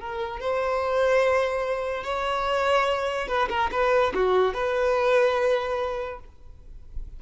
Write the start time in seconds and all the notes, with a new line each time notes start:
0.00 A#4
0.40 C5
2.03 C#5
3.28 B4
3.49 A#4
3.71 B4
4.14 F#4
4.53 B4